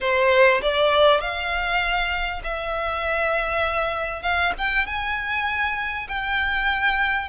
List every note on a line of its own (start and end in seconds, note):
0.00 0.61 C5
0.62 1.21 D5
1.21 2.42 F5
2.43 4.22 E5
4.22 4.52 F5
4.58 4.86 G5
4.86 6.07 G#5
6.08 7.28 G5